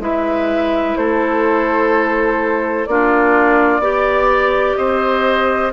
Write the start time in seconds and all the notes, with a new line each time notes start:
0.00 G#3 E4 B4 E5
0.96 A3 A4 C5
2.86 A#3 D4 F4 D5
3.79 B3 G4 D5
4.77 C4 C5 D#5